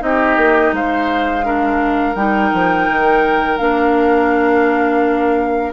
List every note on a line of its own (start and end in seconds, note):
0.00 0.37 C4
0.00 1.43 D#4
0.00 0.76 G4
0.00 0.75 D#5
0.37 0.73 A#3
0.73 2.15 G#3
0.73 1.46 C5
0.73 2.16 F5
1.44 2.15 D4
1.44 5.74 A#4
2.15 2.51 G3
2.15 3.59 D#4
2.15 3.58 G5
2.54 2.89 F3
2.89 3.60 D#3
3.58 5.74 A#3
3.58 5.74 D4
3.58 5.72 F5